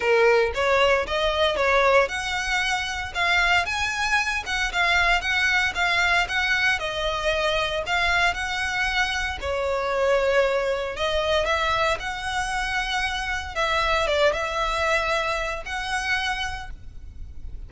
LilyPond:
\new Staff \with { instrumentName = "violin" } { \time 4/4 \tempo 4 = 115 ais'4 cis''4 dis''4 cis''4 | fis''2 f''4 gis''4~ | gis''8 fis''8 f''4 fis''4 f''4 | fis''4 dis''2 f''4 |
fis''2 cis''2~ | cis''4 dis''4 e''4 fis''4~ | fis''2 e''4 d''8 e''8~ | e''2 fis''2 | }